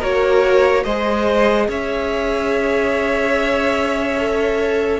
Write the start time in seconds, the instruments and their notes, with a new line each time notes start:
0.00 cello A#3, viola F#4, violin A#4 C#5
0.84 cello G#3, viola G#4, violin C5 D#5
1.68 cello C#4, violin C#5 E5
4.18 viola A4